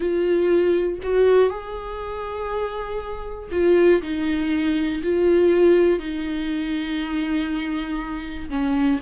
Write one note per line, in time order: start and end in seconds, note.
0.00 0.99 F4
1.02 1.49 F#4
1.49 3.49 G#4
3.51 4.01 F4
4.01 5.01 D#4
5.03 5.99 F4
5.99 8.49 D#4
8.49 8.99 C#4